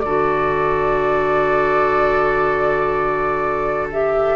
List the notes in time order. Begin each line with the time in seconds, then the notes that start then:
0.00 D3 F#4 A4 D5
3.92 G4 E5